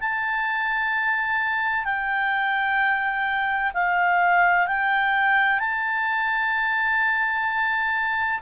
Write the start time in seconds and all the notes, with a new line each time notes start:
0.00 A5
1.84 G5
3.74 F5
4.67 G5
5.59 A5